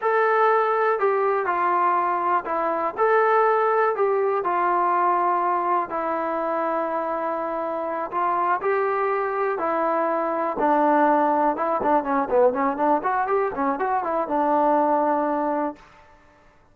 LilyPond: \new Staff \with { instrumentName = "trombone" } { \time 4/4 \tempo 4 = 122 a'2 g'4 f'4~ | f'4 e'4 a'2 | g'4 f'2. | e'1~ |
e'8 f'4 g'2 e'8~ | e'4. d'2 e'8 | d'8 cis'8 b8 cis'8 d'8 fis'8 g'8 cis'8 | fis'8 e'8 d'2. | }